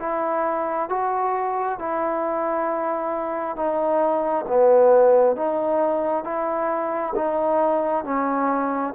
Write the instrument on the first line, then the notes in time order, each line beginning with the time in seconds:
trombone
0.00 E4
0.90 F#4
1.79 E4
3.56 D#4
4.48 B3
5.36 D#4
6.24 E4
7.16 D#4
8.04 C#4